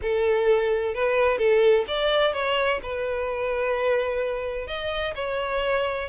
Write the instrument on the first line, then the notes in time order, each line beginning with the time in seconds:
violin
0.01 A4
0.94 B4
1.38 A4
1.87 D5
2.33 C#5
2.83 B4
4.67 D#5
5.15 C#5